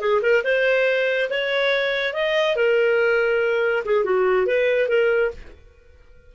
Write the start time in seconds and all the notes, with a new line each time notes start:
0.00 G#4
0.22 A#4
0.44 C5
1.30 C#5
2.14 D#5
2.56 A#4
3.85 G#4
4.04 F#4
4.46 B4
4.89 A#4